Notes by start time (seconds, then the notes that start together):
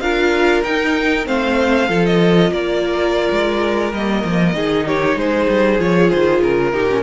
0.00 D4 F4 A#4 F5
0.64 D#4 G5
1.25 A3 C4 C5 F5
1.89 F3 F4 A4
2.06 D#5
2.51 A#3 A#4 D5
3.32 G#3
3.92 G3 A#3 D#5
4.25 F3
4.55 D#3 D#4 G#4
4.87 G4 C#5
5.16 G#3 G#4 C5
5.49 G3
5.80 F3 F4 C#5
6.10 D#3 C5
6.42 C#3 A#4
6.73 A#2 D#4 G4
6.89 C#4